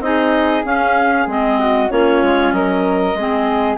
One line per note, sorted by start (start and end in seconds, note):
0.00 0.62 C4
0.00 0.64 D#4
0.00 1.60 G#4
0.00 0.65 D#5
0.65 1.27 C#4
0.65 1.28 C#4
0.65 1.28 F5
1.27 1.90 G#3
1.27 1.89 C4
1.27 1.90 D#5
1.60 1.91 F#4
1.89 2.23 A#3
1.89 3.14 C#4
1.89 2.55 F4
1.89 2.53 C#5
2.23 2.52 G#3
2.52 3.14 F#3
2.52 3.17 A#4
2.52 3.78 D#5
3.14 3.77 G#3
3.14 3.78 C4
3.14 3.78 G#4